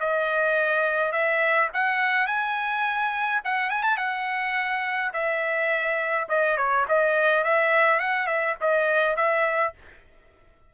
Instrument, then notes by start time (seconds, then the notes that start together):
trumpet
0.00 D#5
1.12 E5
1.74 F#5
2.27 G#5
3.44 F#5
3.70 G#5
3.83 A5
3.97 F#5
5.13 E5
6.29 D#5
6.57 C#5
6.89 D#5
7.44 E5
8.00 F#5
8.27 E5
8.61 D#5
9.16 E5